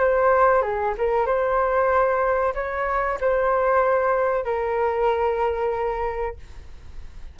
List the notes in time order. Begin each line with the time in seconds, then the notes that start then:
0.00 C5
0.62 G#4
0.98 A#4
1.26 C5
2.55 C#5
3.21 C5
4.45 A#4